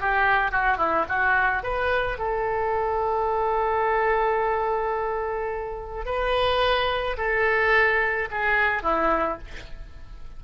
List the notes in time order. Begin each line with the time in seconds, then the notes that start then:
0.00 G4
0.51 F#4
0.77 E4
1.08 F#4
1.63 B4
2.18 A4
6.05 B4
7.17 A4
8.31 G#4
8.83 E4